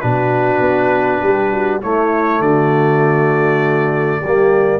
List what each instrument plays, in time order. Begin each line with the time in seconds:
0.00 tuba B2, trombone D4, horn F#4, trumpet B4
0.60 tuba B3
1.21 tuba G3, horn G4
1.51 horn F#4
1.82 trombone A3, tuba A3, horn E4, trumpet C#5
2.40 tuba D3, horn F#4, trumpet D5
4.20 tuba G3, horn G4
4.27 trombone A#3